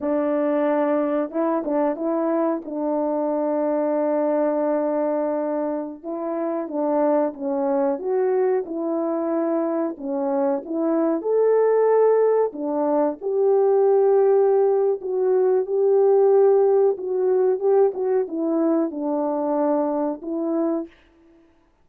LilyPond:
\new Staff \with { instrumentName = "horn" } { \time 4/4 \tempo 4 = 92 d'2 e'8 d'8 e'4 | d'1~ | d'4~ d'16 e'4 d'4 cis'8.~ | cis'16 fis'4 e'2 cis'8.~ |
cis'16 e'4 a'2 d'8.~ | d'16 g'2~ g'8. fis'4 | g'2 fis'4 g'8 fis'8 | e'4 d'2 e'4 | }